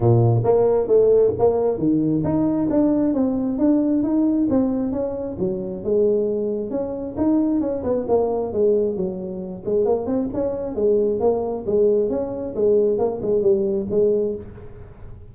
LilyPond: \new Staff \with { instrumentName = "tuba" } { \time 4/4 \tempo 4 = 134 ais,4 ais4 a4 ais4 | dis4 dis'4 d'4 c'4 | d'4 dis'4 c'4 cis'4 | fis4 gis2 cis'4 |
dis'4 cis'8 b8 ais4 gis4 | fis4. gis8 ais8 c'8 cis'4 | gis4 ais4 gis4 cis'4 | gis4 ais8 gis8 g4 gis4 | }